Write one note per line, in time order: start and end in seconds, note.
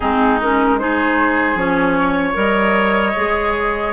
0.00 1.54 G#3
0.00 0.40 C4
0.00 0.79 D#4
0.00 0.39 G#4
0.41 0.79 C#4
0.41 0.78 A#4
0.78 1.56 D#4
0.78 1.99 G#4
0.78 1.57 C5
1.54 2.33 F3
1.54 2.34 C#4
1.54 2.36 C#5
1.99 3.93 C#5
2.34 3.14 G3
2.34 3.12 A#4
2.34 3.93 D#5
3.16 3.93 G#3
3.16 3.93 G#4